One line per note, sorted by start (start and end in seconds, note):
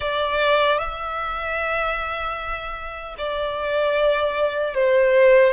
0.00 0.78 D5
0.78 3.15 E5
3.18 4.74 D5
4.74 5.53 C5